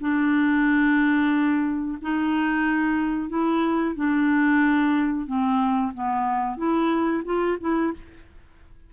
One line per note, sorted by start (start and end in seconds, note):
0.00 1.98 D4
2.02 3.29 D#4
3.29 3.95 E4
3.95 5.26 D4
5.26 5.92 C4
5.94 6.57 B3
6.57 7.23 E4
7.25 7.58 F4
7.60 7.93 E4